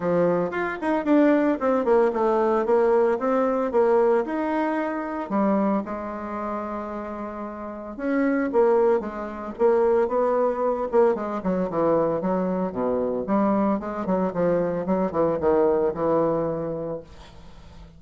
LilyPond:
\new Staff \with { instrumentName = "bassoon" } { \time 4/4 \tempo 4 = 113 f4 f'8 dis'8 d'4 c'8 ais8 | a4 ais4 c'4 ais4 | dis'2 g4 gis4~ | gis2. cis'4 |
ais4 gis4 ais4 b4~ | b8 ais8 gis8 fis8 e4 fis4 | b,4 g4 gis8 fis8 f4 | fis8 e8 dis4 e2 | }